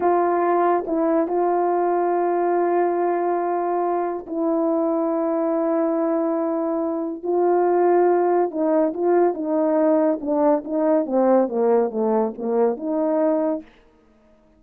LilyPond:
\new Staff \with { instrumentName = "horn" } { \time 4/4 \tempo 4 = 141 f'2 e'4 f'4~ | f'1~ | f'2 e'2~ | e'1~ |
e'4 f'2. | dis'4 f'4 dis'2 | d'4 dis'4 c'4 ais4 | a4 ais4 dis'2 | }